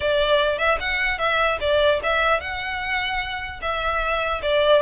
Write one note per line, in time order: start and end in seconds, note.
0.00 0.58 D5
0.58 0.78 E5
0.79 1.18 F#5
1.18 1.58 E5
1.60 2.00 D5
2.03 2.40 E5
2.40 3.60 F#5
3.61 4.41 E5
4.42 4.82 D5